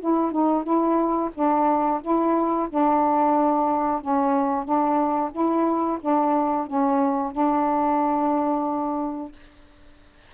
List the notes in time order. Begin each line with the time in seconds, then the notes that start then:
0.00 E4
0.32 D#4
0.63 E4
1.35 D4
2.02 E4
2.69 D4
4.01 C#4
4.64 D4
5.32 E4
6.01 D4
6.67 C#4
7.32 D4